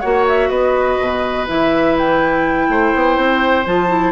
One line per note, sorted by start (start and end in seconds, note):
0.00 0.50 A#3
0.00 1.47 F#4
0.00 0.49 C#5
0.00 0.24 F#5
0.28 0.49 E5
0.49 0.98 B3
0.49 2.67 B4
0.49 1.46 D#5
1.00 1.49 B2
1.47 2.68 E3
1.47 3.65 E4
1.47 1.97 E5
1.98 3.67 G5
2.68 2.92 A3
2.68 4.12 C5
2.95 3.17 B3
3.17 3.66 C4
3.66 4.12 F3
3.66 3.89 F4
3.66 4.12 A5
3.89 4.12 E4